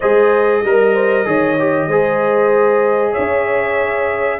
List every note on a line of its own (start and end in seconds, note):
0.00 0.64 G#3
0.00 0.64 G#4
0.00 0.63 C5
0.00 3.13 D#5
0.64 1.26 G3
0.64 1.25 A#4
0.64 0.93 A#4
0.93 1.25 C5
1.25 1.87 D#3
1.25 1.56 G#4
1.25 1.87 C#5
1.59 1.90 G4
1.87 3.13 G#3
1.87 4.40 G#4
1.87 3.12 C5
3.12 4.38 C#5
3.12 4.39 E5
3.18 4.40 C#4